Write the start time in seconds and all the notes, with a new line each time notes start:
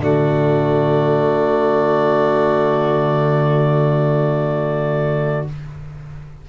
0.00 D3 A3 F#4 D5